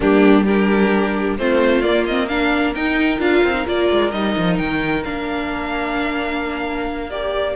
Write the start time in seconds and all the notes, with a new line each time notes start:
0.00 G3 A#3 D4 G4
0.45 D4 G4 A#4
1.38 A3 C4 F4 C5
1.81 A#3 D5
2.06 C4 D#5
2.26 D4 A#4 F5
2.74 D#4 G5
3.19 D4 F4 F5
3.43 C4
3.53 D#4
3.65 A#3 F4 D5
3.91 G#3
4.11 G3 D#4 D#5
4.37 F3
4.57 D#3 G5
5.04 A#3 D4 F5
7.10 G4 D5